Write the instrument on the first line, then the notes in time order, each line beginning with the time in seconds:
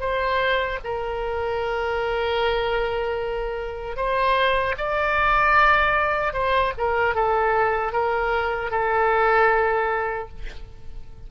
oboe
0.00 C5
0.84 A#4
3.97 C5
4.78 D5
6.33 C5
6.78 A#4
7.15 A4
7.92 A#4
8.71 A4